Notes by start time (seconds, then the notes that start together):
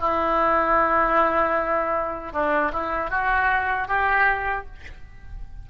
0.00 E4
2.33 D4
2.73 E4
3.10 F#4
3.88 G4